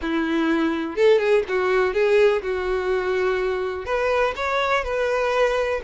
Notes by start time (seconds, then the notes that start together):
0.01 E4
0.96 A4
1.19 G#4
1.48 F#4
1.93 G#4
2.42 F#4
3.85 B4
4.35 C#5
4.84 B4